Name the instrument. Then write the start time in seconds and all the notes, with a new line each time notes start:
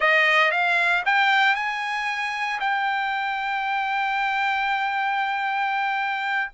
trumpet
0.00 D#5
0.51 F5
1.05 G5
1.55 G#5
2.60 G5